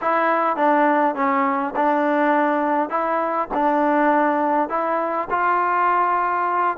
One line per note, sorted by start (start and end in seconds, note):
0.01 0.56 E4
0.56 1.15 D4
1.15 1.74 C#4
1.75 2.89 D4
2.89 3.48 E4
3.53 4.69 D4
4.69 5.28 E4
5.30 6.77 F4